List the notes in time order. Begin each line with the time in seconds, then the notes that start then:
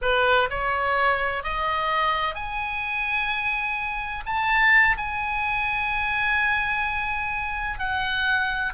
0.01 B4
0.49 C#5
1.43 D#5
2.34 G#5
4.25 A5
4.97 G#5
7.78 F#5